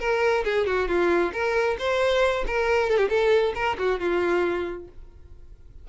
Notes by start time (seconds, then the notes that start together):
0.00 A#4
0.45 G#4
0.67 F#4
0.88 F4
1.33 A#4
1.79 C5
2.47 A#4
2.90 A4
2.98 G4
3.09 A4
3.55 A#4
3.79 F#4
4.00 F4